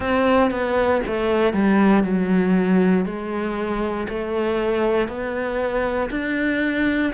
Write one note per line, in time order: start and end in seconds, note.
0.00 0.50 C4
0.50 1.01 B3
1.06 1.53 A3
1.53 2.03 G3
2.03 3.05 F#3
3.05 4.07 G#3
4.09 5.08 A3
5.08 6.09 B3
6.10 7.12 D4